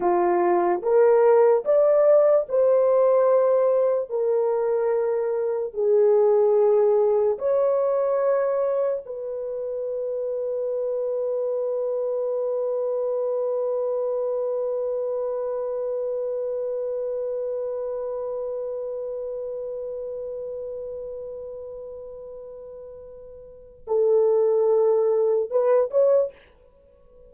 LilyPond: \new Staff \with { instrumentName = "horn" } { \time 4/4 \tempo 4 = 73 f'4 ais'4 d''4 c''4~ | c''4 ais'2 gis'4~ | gis'4 cis''2 b'4~ | b'1~ |
b'1~ | b'1~ | b'1~ | b'4 a'2 b'8 cis''8 | }